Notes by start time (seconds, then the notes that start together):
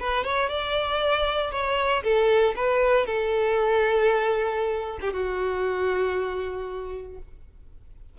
0.00 B4
0.24 C#5
0.50 D5
1.52 C#5
2.04 A4
2.56 B4
3.06 A4
5.01 G4
5.13 F#4